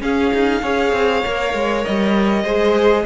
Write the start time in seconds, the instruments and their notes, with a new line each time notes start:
0.00 viola C#4, cello C#4, violin G#4 F5
0.33 cello D#4
0.62 cello C#4, viola G#4, violin C#5
0.92 cello C4
1.24 cello A#3, viola A#4
1.53 cello G#3
1.84 cello G3, violin D#5
2.43 cello G#3, viola G#4, violin C5